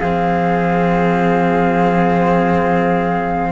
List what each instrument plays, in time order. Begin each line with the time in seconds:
0.00 cello F3 C4, trumpet G#4, flute F5